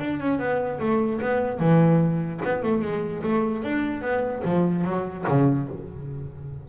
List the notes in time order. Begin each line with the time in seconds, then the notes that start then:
0.00 D4
0.20 C#4
0.39 B3
0.80 A3
1.22 B3
1.60 E3
2.45 B3
2.63 A3
2.82 G#3
3.23 A3
3.64 D4
4.02 B3
4.45 F3
4.85 F#3
5.29 C#3